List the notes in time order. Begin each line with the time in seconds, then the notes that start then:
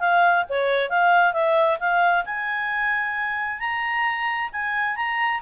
0.00 F5
0.49 C#5
0.90 F5
1.34 E5
1.80 F5
2.25 G#5
3.60 A#5
4.53 G#5
4.96 A#5